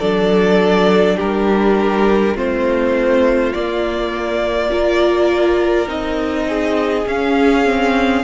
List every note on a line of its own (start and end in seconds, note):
0.00 1.19 F#3
0.00 2.35 D4
0.00 1.17 A4
0.00 1.18 D5
1.17 2.36 G3
1.17 2.34 G4
1.17 2.38 A#4
2.35 3.54 A3
2.35 3.53 C4
2.35 4.70 F4
2.35 3.53 C5
3.53 5.88 A#3
3.53 4.71 A#3
3.53 5.88 D5
4.71 5.87 F4
4.71 6.48 A#4
5.87 7.05 C4
5.87 7.05 D#4
5.87 7.08 D#5
6.48 8.25 G#4
7.06 8.24 C#4
7.06 7.66 C#4
7.06 8.25 F5
7.66 8.25 C4